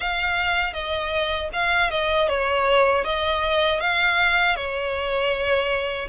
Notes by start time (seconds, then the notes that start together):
0.00 F5
0.73 D#5
1.53 F5
1.90 D#5
2.28 C#5
3.04 D#5
3.80 F5
4.56 C#5